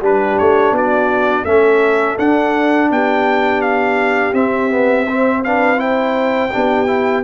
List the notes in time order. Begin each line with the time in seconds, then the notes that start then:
0.00 G3 D4 G4 B4
0.38 A3 C#5
0.72 B3 F#4 D5
1.43 A3 C#4 A4 E5
2.18 D4 F#5
2.91 B3 G4 G5
3.61 F5
4.33 C4 E5
4.70 B3
5.08 C4 C5
5.44 D4 B4 F5
5.77 E4 C5 G5
6.52 B3 D4 G4
6.86 E4